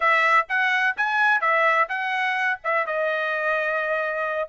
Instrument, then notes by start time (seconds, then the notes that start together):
trumpet
0.00 E5
0.49 F#5
0.96 G#5
1.40 E5
1.88 F#5
2.64 E5
2.86 D#5